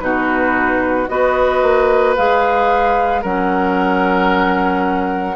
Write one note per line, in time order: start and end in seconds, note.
0.00 1.08 B2
0.00 1.07 D#4
0.00 1.10 F#4
0.00 1.07 B4
1.08 1.62 B3
1.08 2.16 F#4
1.08 3.22 B4
1.08 2.15 D#5
1.62 2.16 A#3
2.17 3.23 G#3
2.17 3.24 G#4
2.17 3.24 F5
3.22 5.36 F#3
3.22 5.36 C#4
3.22 5.36 A#4
3.22 5.36 F#5